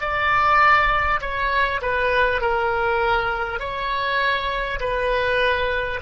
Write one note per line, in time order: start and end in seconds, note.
0.00 1.20 D5
1.21 1.81 C#5
1.81 2.41 B4
2.41 3.59 A#4
3.59 4.79 C#5
4.80 6.00 B4